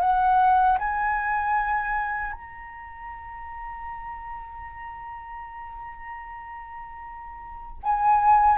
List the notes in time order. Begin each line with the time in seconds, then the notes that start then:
0.00 F#5
0.78 G#5
2.32 A#5
7.83 G#5